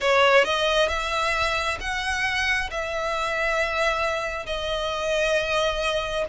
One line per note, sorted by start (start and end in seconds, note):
0.00 0.44 C#5
0.44 0.88 D#5
0.88 1.77 E5
1.80 2.69 F#5
2.71 4.46 E5
4.46 6.25 D#5